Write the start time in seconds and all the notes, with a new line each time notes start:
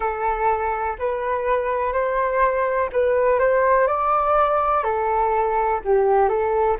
0.00 A4
0.99 B4
1.92 C5
2.92 B4
3.39 C5
3.87 D5
4.83 A4
5.84 G4
6.28 A4